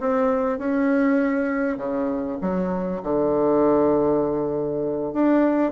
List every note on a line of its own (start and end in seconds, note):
0.00 0.58 C4
0.58 1.77 C#4
1.77 2.38 C#3
2.41 3.02 F#3
3.02 5.13 D3
5.13 5.72 D4